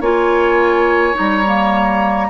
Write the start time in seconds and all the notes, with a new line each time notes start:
0.00 A#3 F4 C#5 G#5
1.13 G3 D#4 A#5
1.47 A#3